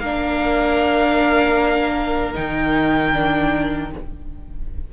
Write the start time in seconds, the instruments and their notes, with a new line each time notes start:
0.00 cello A#3, viola D4, violin A#4 F5
2.34 cello D#3, viola D#4, violin G5
3.13 viola D4